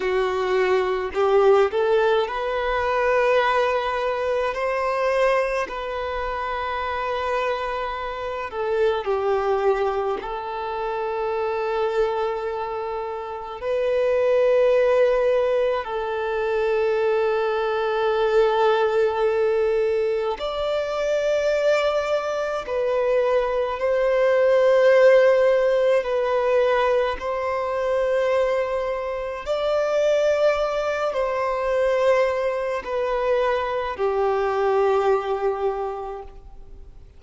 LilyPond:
\new Staff \with { instrumentName = "violin" } { \time 4/4 \tempo 4 = 53 fis'4 g'8 a'8 b'2 | c''4 b'2~ b'8 a'8 | g'4 a'2. | b'2 a'2~ |
a'2 d''2 | b'4 c''2 b'4 | c''2 d''4. c''8~ | c''4 b'4 g'2 | }